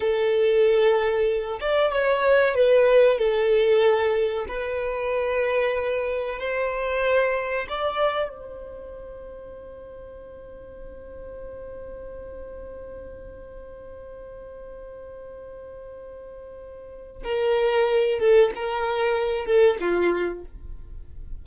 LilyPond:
\new Staff \with { instrumentName = "violin" } { \time 4/4 \tempo 4 = 94 a'2~ a'8 d''8 cis''4 | b'4 a'2 b'4~ | b'2 c''2 | d''4 c''2.~ |
c''1~ | c''1~ | c''2. ais'4~ | ais'8 a'8 ais'4. a'8 f'4 | }